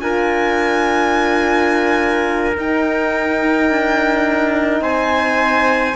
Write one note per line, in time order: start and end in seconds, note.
0.00 2.56 D4
0.00 2.55 F4
0.00 4.83 A#4
0.00 2.55 G#5
2.56 5.96 D#4
2.56 3.70 D#4
2.56 4.83 G5
3.70 4.81 D4
4.81 5.94 C4
4.81 5.96 C5
4.81 5.96 G#5